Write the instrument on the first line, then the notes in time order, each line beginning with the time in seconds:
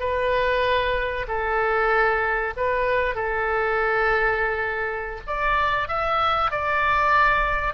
oboe
0.00 B4
1.27 A4
2.56 B4
3.15 A4
5.27 D5
5.88 E5
6.51 D5